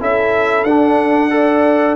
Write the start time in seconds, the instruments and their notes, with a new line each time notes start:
0.00 tuba C#4, trombone E4, horn A4, trumpet E5
0.64 tuba D4, trombone D4, trumpet F#5
1.30 trombone A4, horn D5